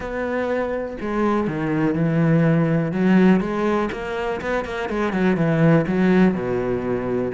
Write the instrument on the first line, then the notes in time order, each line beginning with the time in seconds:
cello
0.00 B3
1.00 G#3
1.47 D#3
1.94 E3
2.91 F#3
3.40 G#3
3.92 A#3
4.41 B3
4.64 A#3
4.89 G#3
5.13 F#3
5.36 E3
5.87 F#3
6.34 B2